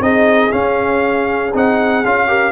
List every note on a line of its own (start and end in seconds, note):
0.00 0.50 C4
0.00 0.51 D#4
0.00 2.28 G#4
0.00 0.52 D#5
0.51 1.52 C#4
0.51 1.53 C#4
0.51 1.52 F5
1.54 2.04 C4
1.54 2.04 D#4
1.54 2.06 F#5
2.05 2.52 C#4
2.05 2.27 F4
2.05 2.52 F5
2.27 2.52 G4
2.27 2.52 A#4